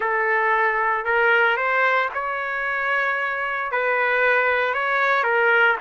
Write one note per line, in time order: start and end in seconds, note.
0.00 1.05 A4
1.05 1.56 A#4
1.56 2.09 C5
2.14 3.71 C#5
3.71 4.74 B4
4.74 5.23 C#5
5.23 5.76 A#4